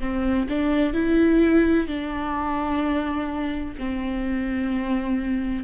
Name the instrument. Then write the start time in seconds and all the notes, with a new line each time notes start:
viola
0.00 C4
0.49 D4
0.94 E4
1.87 D4
3.79 C4